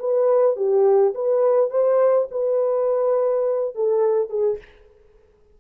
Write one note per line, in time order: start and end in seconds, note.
0.00 0.56 B4
0.56 1.14 G4
1.15 1.70 B4
1.70 2.28 C5
2.31 3.76 B4
3.76 4.30 A4
4.30 4.58 G#4